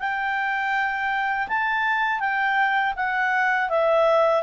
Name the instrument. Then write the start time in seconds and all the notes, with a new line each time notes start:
clarinet
0.00 G5
1.48 A5
2.20 G5
2.96 F#5
3.70 E5